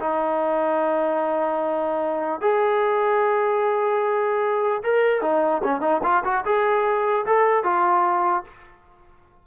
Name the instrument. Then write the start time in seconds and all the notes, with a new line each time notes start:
trombone
0.00 D#4
2.41 G#4
4.84 A#4
5.22 D#4
5.64 C#4
5.81 D#4
6.03 F4
6.25 F#4
6.45 G#4
7.26 A4
7.64 F4